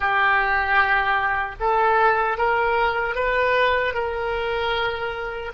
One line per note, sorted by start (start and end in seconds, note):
0.00 1.55 G4
1.60 2.37 A4
2.37 3.15 A#4
3.15 3.94 B4
3.94 5.52 A#4